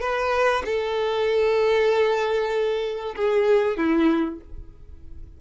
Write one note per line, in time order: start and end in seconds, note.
0.00 0.62 B4
0.65 3.15 A4
3.15 3.77 G#4
3.77 4.39 E4